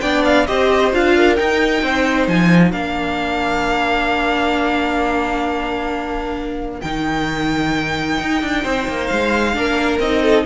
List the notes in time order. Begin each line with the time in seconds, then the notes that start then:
0.00 B3 D4 D5 G5
0.24 F5
0.46 C4 G4 C5 D#5
0.92 D4 F4 F5
1.16 A#4
1.36 D#4 G5
1.82 C4 C5
2.27 F3 G#5
2.72 A#3 D4 A#4 F5
6.81 D#3 D#4 G5
8.20 D#4
8.42 D4
8.63 C4 C5
8.88 A#3
9.07 G#3 F5
9.54 A#3 D4 A#4
9.99 C4 D#4 D#5
10.22 A4